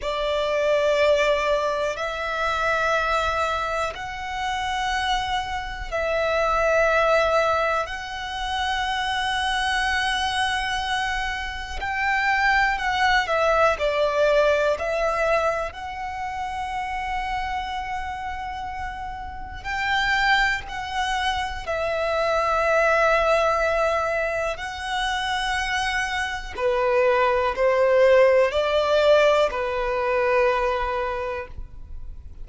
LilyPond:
\new Staff \with { instrumentName = "violin" } { \time 4/4 \tempo 4 = 61 d''2 e''2 | fis''2 e''2 | fis''1 | g''4 fis''8 e''8 d''4 e''4 |
fis''1 | g''4 fis''4 e''2~ | e''4 fis''2 b'4 | c''4 d''4 b'2 | }